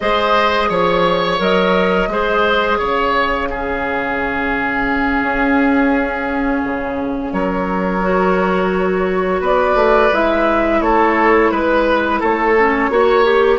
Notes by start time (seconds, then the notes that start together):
0.00 G#3 G#4 C5 D#5
0.69 F3 C#5
1.38 F#3 A#4 D#5
2.07 G#3 G#4 C5
2.78 C#3 C#5 F5
3.49 C#4 G#4
5.22 C#4
6.63 C#3
7.32 F#3 A#4 C#5
8.02 F#4
9.40 B3 B4 D5
9.74 A3
10.11 G#3 E4 E5
10.80 A3 A4 C#5
11.51 G#3 B4
12.19 A3 A4 C#5
12.56 C#4
12.89 A#3 F#4 C#5
13.24 G4